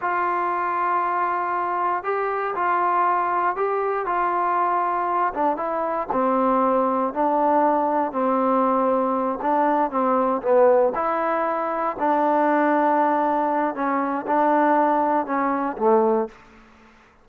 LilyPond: \new Staff \with { instrumentName = "trombone" } { \time 4/4 \tempo 4 = 118 f'1 | g'4 f'2 g'4 | f'2~ f'8 d'8 e'4 | c'2 d'2 |
c'2~ c'8 d'4 c'8~ | c'8 b4 e'2 d'8~ | d'2. cis'4 | d'2 cis'4 a4 | }